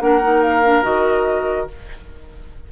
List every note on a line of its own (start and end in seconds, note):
0.00 0.85 A#3
0.00 0.21 D4
0.00 1.72 A#4
0.00 0.43 F#5
0.23 0.64 D#4
0.43 0.84 F5
0.64 0.83 D4
0.83 1.70 D#3
0.83 1.68 F#4
0.83 1.69 D#5